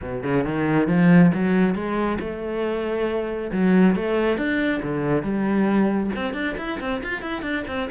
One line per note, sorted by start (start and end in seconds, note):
0.01 0.23 B2
0.23 0.44 C#3
0.44 0.87 D#3
0.87 1.31 F3
1.33 1.74 F#3
1.74 2.18 G#3
2.19 3.51 A3
3.52 3.95 F#3
3.95 4.37 A3
4.37 4.81 D4
4.83 5.22 D3
5.22 6.10 G3
6.15 6.33 C4
6.33 6.55 D4
6.57 6.79 E4
6.80 7.02 C4
7.03 7.21 F4
7.21 7.42 E4
7.42 7.63 D4
7.67 7.89 C4